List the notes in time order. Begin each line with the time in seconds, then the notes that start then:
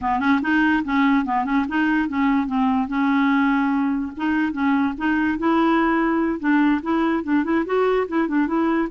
0.01 B3
0.19 C#4
0.42 D#4
0.84 C#4
1.25 B3
1.44 C#4
1.68 D#4
2.08 C#4
2.46 C4
2.87 C#4
4.16 D#4
4.52 C#4
4.97 D#4
5.38 E4
6.39 D4
6.82 E4
7.23 D4
7.44 E4
7.65 F#4
8.08 E4
8.27 D4
8.47 E4